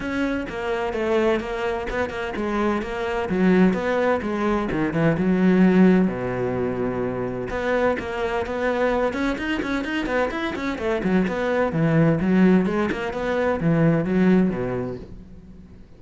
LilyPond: \new Staff \with { instrumentName = "cello" } { \time 4/4 \tempo 4 = 128 cis'4 ais4 a4 ais4 | b8 ais8 gis4 ais4 fis4 | b4 gis4 dis8 e8 fis4~ | fis4 b,2. |
b4 ais4 b4. cis'8 | dis'8 cis'8 dis'8 b8 e'8 cis'8 a8 fis8 | b4 e4 fis4 gis8 ais8 | b4 e4 fis4 b,4 | }